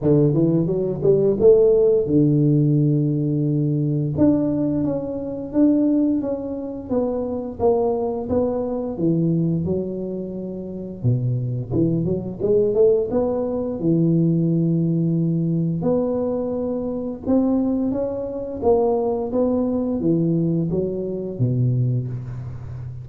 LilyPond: \new Staff \with { instrumentName = "tuba" } { \time 4/4 \tempo 4 = 87 d8 e8 fis8 g8 a4 d4~ | d2 d'4 cis'4 | d'4 cis'4 b4 ais4 | b4 e4 fis2 |
b,4 e8 fis8 gis8 a8 b4 | e2. b4~ | b4 c'4 cis'4 ais4 | b4 e4 fis4 b,4 | }